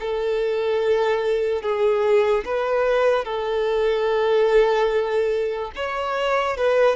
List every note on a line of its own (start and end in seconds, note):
0.00 1.63 A4
1.63 2.45 G#4
2.45 3.25 B4
3.25 5.72 A4
5.76 6.58 C#5
6.58 6.96 B4